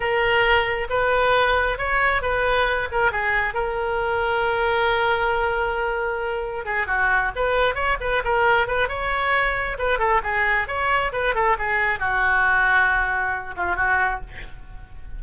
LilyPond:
\new Staff \with { instrumentName = "oboe" } { \time 4/4 \tempo 4 = 135 ais'2 b'2 | cis''4 b'4. ais'8 gis'4 | ais'1~ | ais'2. gis'8 fis'8~ |
fis'8 b'4 cis''8 b'8 ais'4 b'8 | cis''2 b'8 a'8 gis'4 | cis''4 b'8 a'8 gis'4 fis'4~ | fis'2~ fis'8 f'8 fis'4 | }